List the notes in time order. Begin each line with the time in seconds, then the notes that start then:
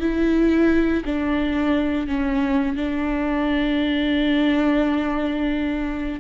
0.00 E4
1.05 D4
2.07 C#4
2.76 D4